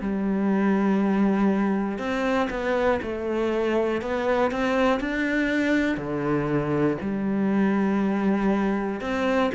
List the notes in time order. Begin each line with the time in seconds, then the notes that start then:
0.00 G3
1.98 C4
2.50 B3
3.01 A3
4.01 B3
4.51 C4
5.00 D4
5.97 D3
7.01 G3
9.00 C4